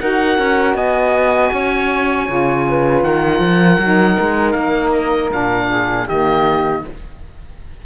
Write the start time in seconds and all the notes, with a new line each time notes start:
0.00 D#4 F#4 A#4 F#5
0.39 C#4
0.75 B3 D#5 G#5
1.53 C#4 C#5
2.28 C#3 F4
2.69 B4
3.04 D#3 A#4 F#5
3.39 F3
3.79 F#3 D#4
4.20 G#3
4.52 A#3 F5
4.93 D#5
5.31 A#2 D4 F5
5.70 G#4
6.07 D#3 A#3 G4 D#5